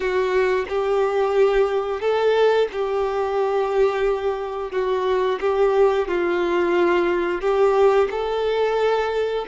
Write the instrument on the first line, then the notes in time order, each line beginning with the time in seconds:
violin
0.00 F#4
0.68 G4
2.00 A4
2.72 G4
4.71 F#4
5.40 G4
6.08 F4
7.41 G4
8.11 A4